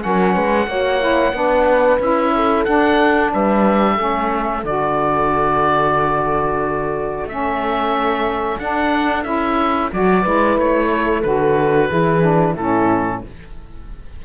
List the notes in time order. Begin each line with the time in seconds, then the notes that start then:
0.00 F#3 C#4 A#4 F#5
0.34 G#3 B4
0.67 A#3 F#4 C#5
0.99 E4
1.33 B3 D4 B4
1.99 C#4 E4 E5
2.35 A4
2.65 D4 F#5
3.34 G3 B4 E5
3.94 A3 C#4 A4
4.64 D3 F#4 D5
7.25 A3 C#4 E5
8.59 D4 F#5
9.23 C#4 E4 E5
9.92 F#3 F#4 D5
10.22 G#3 E4 B4
10.58 A3 C#5
10.93 A4
11.22 D3 F#4 B4
11.89 E3 E4 G#4
12.22 D4
12.55 A2 C#4 E4 A4